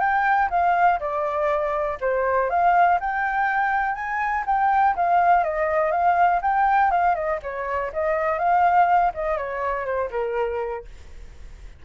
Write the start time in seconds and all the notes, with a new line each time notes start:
0.00 G5
0.51 F5
1.00 D5
2.01 C5
2.50 F5
3.00 G5
3.95 G#5
4.46 G5
4.96 F5
5.44 D#5
5.92 F5
6.42 G5
6.91 F5
7.15 D#5
7.43 C#5
7.93 D#5
8.39 F5
9.14 D#5
9.38 C#5
9.86 C5
10.11 A#4